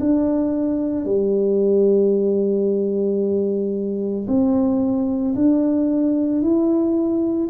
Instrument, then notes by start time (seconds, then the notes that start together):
tuba
0.00 D4
1.05 G3
4.28 C4
5.36 D4
6.42 E4